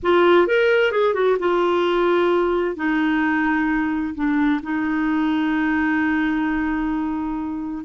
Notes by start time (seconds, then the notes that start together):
0.03 F4
0.47 A#4
0.91 G#4
1.13 F#4
1.39 F4
2.76 D#4
4.14 D4
4.62 D#4